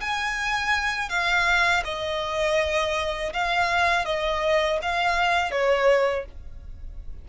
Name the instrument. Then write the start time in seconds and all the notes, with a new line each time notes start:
violin
0.00 G#5
1.09 F5
1.84 D#5
3.33 F5
4.05 D#5
4.82 F5
5.51 C#5